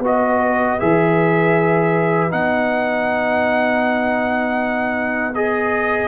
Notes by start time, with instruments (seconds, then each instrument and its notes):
0.00 tuba B3, trombone F#4, horn B4, trumpet D#5
0.79 tuba E3, trombone G#4, trumpet E5
2.30 tuba B3, trombone D#4, trumpet F#5
5.35 trombone G#4, trumpet D#5